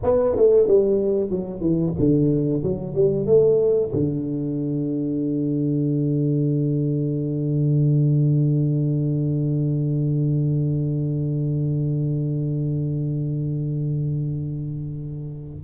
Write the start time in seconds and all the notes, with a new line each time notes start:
0.03 B3
0.36 A3
0.67 G3
1.30 F#3
1.60 E3
1.99 D3
2.63 F#3
2.95 G3
3.26 A3
3.92 D3